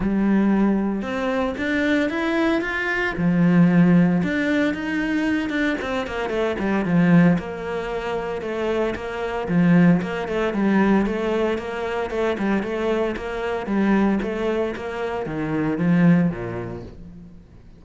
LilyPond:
\new Staff \with { instrumentName = "cello" } { \time 4/4 \tempo 4 = 114 g2 c'4 d'4 | e'4 f'4 f2 | d'4 dis'4. d'8 c'8 ais8 | a8 g8 f4 ais2 |
a4 ais4 f4 ais8 a8 | g4 a4 ais4 a8 g8 | a4 ais4 g4 a4 | ais4 dis4 f4 ais,4 | }